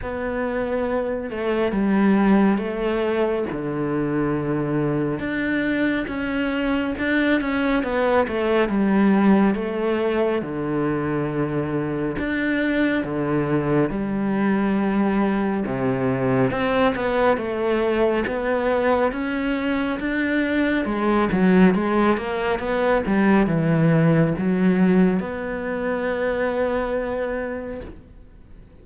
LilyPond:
\new Staff \with { instrumentName = "cello" } { \time 4/4 \tempo 4 = 69 b4. a8 g4 a4 | d2 d'4 cis'4 | d'8 cis'8 b8 a8 g4 a4 | d2 d'4 d4 |
g2 c4 c'8 b8 | a4 b4 cis'4 d'4 | gis8 fis8 gis8 ais8 b8 g8 e4 | fis4 b2. | }